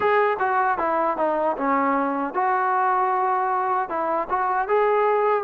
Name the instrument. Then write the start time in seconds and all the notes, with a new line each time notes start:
trombone
0.00 G#4
0.39 F#4
0.78 E4
1.17 D#4
1.57 C#4
2.34 F#4
3.89 E4
4.29 F#4
4.68 G#4